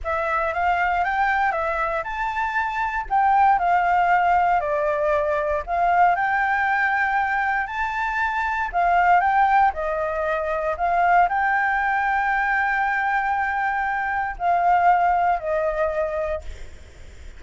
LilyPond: \new Staff \with { instrumentName = "flute" } { \time 4/4 \tempo 4 = 117 e''4 f''4 g''4 e''4 | a''2 g''4 f''4~ | f''4 d''2 f''4 | g''2. a''4~ |
a''4 f''4 g''4 dis''4~ | dis''4 f''4 g''2~ | g''1 | f''2 dis''2 | }